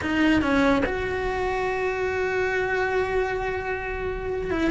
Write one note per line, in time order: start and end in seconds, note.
0.01 0.41 D#4
0.41 0.82 C#4
0.85 4.50 F#4
4.50 4.71 E4